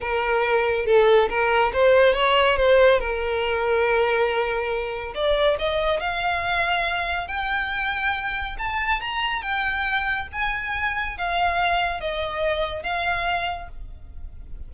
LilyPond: \new Staff \with { instrumentName = "violin" } { \time 4/4 \tempo 4 = 140 ais'2 a'4 ais'4 | c''4 cis''4 c''4 ais'4~ | ais'1 | d''4 dis''4 f''2~ |
f''4 g''2. | a''4 ais''4 g''2 | gis''2 f''2 | dis''2 f''2 | }